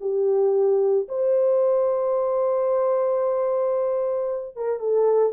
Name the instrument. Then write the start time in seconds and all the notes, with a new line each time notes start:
horn
0.00 G4
1.08 C5
4.55 A#4
4.79 A4